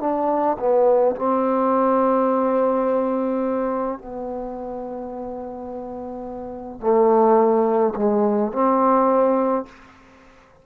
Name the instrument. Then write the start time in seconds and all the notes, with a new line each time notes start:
trombone
0.00 D4
0.59 B3
1.15 C4
3.98 B3
6.80 A3
7.96 G#3
8.52 C4